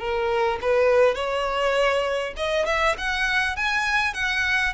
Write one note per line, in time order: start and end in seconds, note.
0.00 0.59 A#4
0.62 1.16 B4
1.16 2.34 C#5
2.37 2.67 D#5
2.67 2.96 E5
2.98 3.57 F#5
3.57 4.14 G#5
4.14 4.74 F#5